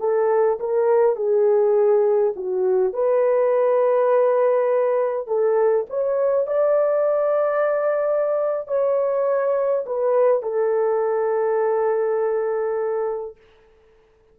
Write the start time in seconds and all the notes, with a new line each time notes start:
0.00 A4
0.60 A#4
1.16 G#4
2.36 F#4
2.94 B4
5.27 A4
5.90 C#5
6.47 D5
8.68 C#5
9.86 B4
10.43 A4